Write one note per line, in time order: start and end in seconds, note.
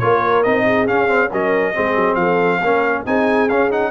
0.00 0.46 A#3
0.00 0.45 F4
0.00 0.65 A#4
0.00 0.43 C#5
0.44 0.89 C4
0.44 0.88 D#4
0.44 0.87 D#5
0.65 1.31 G#4
0.88 1.08 C#4
0.88 1.32 C#4
0.88 1.31 F5
1.08 1.29 C4
1.32 1.76 F#3
1.32 1.75 C#4
1.32 1.75 A#4
1.32 2.16 D#5
1.75 1.96 G#3
1.75 2.62 C4
1.75 2.19 G#4
1.96 2.16 F#3
2.16 2.60 F3
2.16 2.60 A4
2.16 3.03 F5
2.60 3.05 A#3
2.60 3.06 C#4
2.60 3.03 A#4
3.06 3.50 C4
3.06 3.50 D#4
3.06 3.91 G#4
3.06 3.49 G#5
3.49 3.91 C#4
3.49 3.71 C#4
3.49 3.71 F5
3.71 3.91 D#4
3.71 3.91 F#5